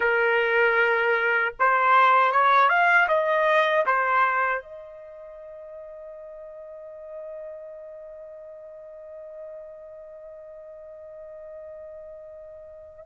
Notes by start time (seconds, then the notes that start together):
0.00 A#4
1.59 C5
2.31 C#5
2.68 F5
3.08 D#5
3.85 C5
4.62 D#5